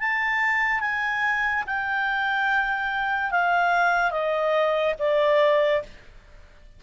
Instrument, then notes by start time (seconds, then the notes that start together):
clarinet
0.00 A5
0.81 G#5
1.67 G5
3.32 F5
4.11 D#5
5.00 D5